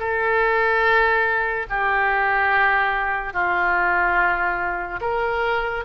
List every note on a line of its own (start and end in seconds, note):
0.00 1.67 A4
1.70 3.34 G4
3.34 5.00 F4
5.01 5.84 A#4